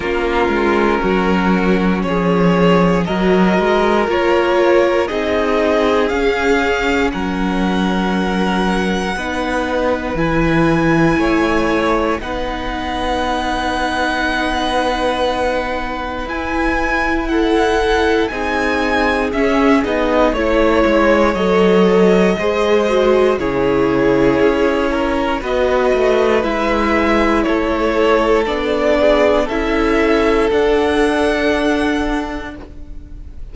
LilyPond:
<<
  \new Staff \with { instrumentName = "violin" } { \time 4/4 \tempo 4 = 59 ais'2 cis''4 dis''4 | cis''4 dis''4 f''4 fis''4~ | fis''2 gis''2 | fis''1 |
gis''4 fis''4 gis''4 e''8 dis''8 | cis''4 dis''2 cis''4~ | cis''4 dis''4 e''4 cis''4 | d''4 e''4 fis''2 | }
  \new Staff \with { instrumentName = "violin" } { \time 4/4 f'4 fis'4 gis'4 ais'4~ | ais'4 gis'2 ais'4~ | ais'4 b'2 cis''4 | b'1~ |
b'4 a'4 gis'2 | cis''2 c''4 gis'4~ | gis'8 ais'8 b'2 a'4~ | a'8 gis'8 a'2. | }
  \new Staff \with { instrumentName = "viola" } { \time 4/4 cis'2. fis'4 | f'4 dis'4 cis'2~ | cis'4 dis'4 e'2 | dis'1 |
e'2 dis'4 cis'8 dis'8 | e'4 a'4 gis'8 fis'8 e'4~ | e'4 fis'4 e'2 | d'4 e'4 d'2 | }
  \new Staff \with { instrumentName = "cello" } { \time 4/4 ais8 gis8 fis4 f4 fis8 gis8 | ais4 c'4 cis'4 fis4~ | fis4 b4 e4 a4 | b1 |
e'2 c'4 cis'8 b8 | a8 gis8 fis4 gis4 cis4 | cis'4 b8 a8 gis4 a4 | b4 cis'4 d'2 | }
>>